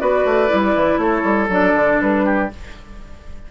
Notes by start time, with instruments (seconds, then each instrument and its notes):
0.00 bassoon B3, clarinet F#4, oboe B4, flute D5
0.25 bassoon A3
0.48 bassoon G3, clarinet E4
0.76 bassoon E3
0.98 bassoon A3, oboe A4, flute C#5
1.24 bassoon G3
1.49 bassoon F#3, clarinet D4, flute D5
1.75 bassoon D3
2.02 bassoon G3, flute B4
2.26 oboe G4